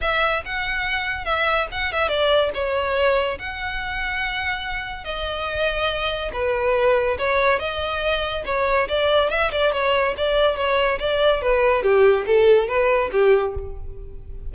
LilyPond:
\new Staff \with { instrumentName = "violin" } { \time 4/4 \tempo 4 = 142 e''4 fis''2 e''4 | fis''8 e''8 d''4 cis''2 | fis''1 | dis''2. b'4~ |
b'4 cis''4 dis''2 | cis''4 d''4 e''8 d''8 cis''4 | d''4 cis''4 d''4 b'4 | g'4 a'4 b'4 g'4 | }